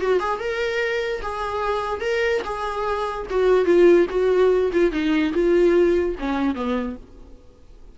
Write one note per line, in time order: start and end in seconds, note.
0.00 0.19 F#4
0.19 0.39 G#4
0.39 1.21 A#4
1.22 2.01 G#4
2.01 2.42 A#4
2.44 3.27 G#4
3.30 3.65 F#4
3.65 4.06 F4
4.09 4.71 F#4
4.73 4.91 F4
4.91 5.33 D#4
5.33 6.15 F4
6.19 6.55 C#4
6.55 6.96 B3